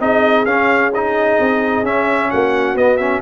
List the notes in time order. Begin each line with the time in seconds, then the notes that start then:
0.00 C4 D#4 G#4 D#5
0.45 C#4 F5
0.94 D#4 D#5
1.40 C4
1.83 C#4 E5
2.31 A#3 F#4 F#5
2.74 B3 D#5
2.97 C#4 E5